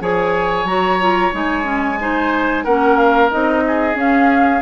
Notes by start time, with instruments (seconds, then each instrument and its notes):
0.00 bassoon F3, clarinet G#4, oboe C#5, flute G#5
0.64 bassoon F#3, clarinet F#4, flute A#5
1.00 clarinet F4
1.32 bassoon G#3, clarinet D#4, flute G#5
1.63 clarinet C#4
2.00 clarinet D#4, oboe C5
2.64 bassoon A#3, clarinet C#4, oboe A#4, flute F#5
2.97 flute F5
3.31 bassoon C4, clarinet D#4, flute D#5
3.67 oboe G#4
3.95 clarinet C#4, bassoon C#4, flute F5